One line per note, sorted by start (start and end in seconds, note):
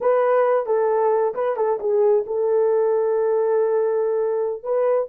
0.01 0.66 B4
0.66 1.33 A4
1.34 1.56 B4
1.56 1.79 A4
1.79 2.25 G#4
2.26 4.63 A4
4.63 5.08 B4